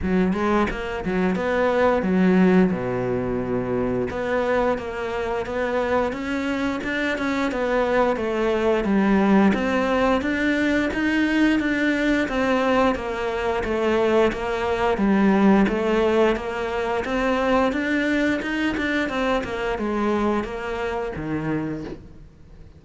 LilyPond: \new Staff \with { instrumentName = "cello" } { \time 4/4 \tempo 4 = 88 fis8 gis8 ais8 fis8 b4 fis4 | b,2 b4 ais4 | b4 cis'4 d'8 cis'8 b4 | a4 g4 c'4 d'4 |
dis'4 d'4 c'4 ais4 | a4 ais4 g4 a4 | ais4 c'4 d'4 dis'8 d'8 | c'8 ais8 gis4 ais4 dis4 | }